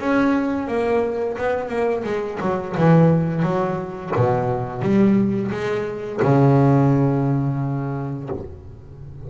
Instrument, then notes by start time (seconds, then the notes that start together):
double bass
0.00 C#4
0.68 A#3
1.38 B3
1.69 A#3
2.04 G#3
2.41 F#3
2.77 E3
3.43 F#3
4.16 B2
4.82 G3
5.52 G#3
6.23 C#3